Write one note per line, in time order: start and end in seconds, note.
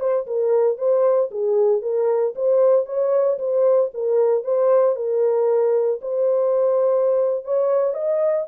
0.00 0.26 C5
0.27 0.78 A#4
0.78 1.30 C5
1.31 1.82 G#4
1.82 2.34 A#4
2.35 2.86 C5
2.86 3.38 C#5
3.39 3.91 C5
3.94 4.44 A#4
4.44 4.96 C5
4.96 6.00 A#4
6.01 7.45 C5
7.45 7.94 C#5
7.94 8.46 D#5